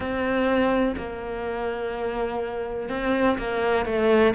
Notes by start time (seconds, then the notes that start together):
0.00 C4
0.97 A#3
2.89 C4
3.37 A#3
3.85 A3